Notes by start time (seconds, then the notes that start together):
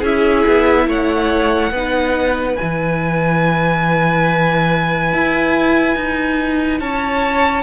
0.00 C#4 E4 G#4 E5
0.46 B3
0.87 A3 C#5 F#5
1.71 B3 D#4 B4
2.56 E4 G#5
2.62 E3
5.13 E4
5.96 D#4
6.80 C#4 C#5 A5